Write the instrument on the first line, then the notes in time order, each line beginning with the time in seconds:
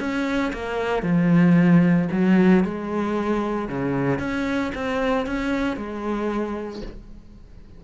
cello
0.00 C#4
0.53 A#3
1.03 F3
2.12 F#3
2.65 G#3
3.69 C#3
4.19 C#4
4.75 C4
5.27 C#4
5.77 G#3